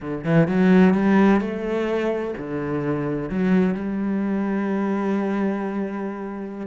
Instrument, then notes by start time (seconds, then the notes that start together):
cello
0.00 D3
0.24 E3
0.47 F#3
0.94 G3
1.40 A3
2.37 D3
3.29 F#3
3.74 G3